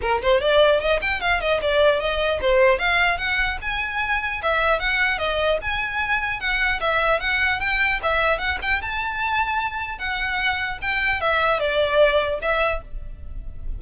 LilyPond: \new Staff \with { instrumentName = "violin" } { \time 4/4 \tempo 4 = 150 ais'8 c''8 d''4 dis''8 g''8 f''8 dis''8 | d''4 dis''4 c''4 f''4 | fis''4 gis''2 e''4 | fis''4 dis''4 gis''2 |
fis''4 e''4 fis''4 g''4 | e''4 fis''8 g''8 a''2~ | a''4 fis''2 g''4 | e''4 d''2 e''4 | }